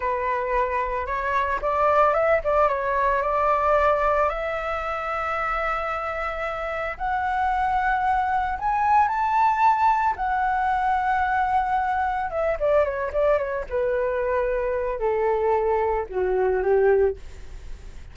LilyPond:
\new Staff \with { instrumentName = "flute" } { \time 4/4 \tempo 4 = 112 b'2 cis''4 d''4 | e''8 d''8 cis''4 d''2 | e''1~ | e''4 fis''2. |
gis''4 a''2 fis''4~ | fis''2. e''8 d''8 | cis''8 d''8 cis''8 b'2~ b'8 | a'2 fis'4 g'4 | }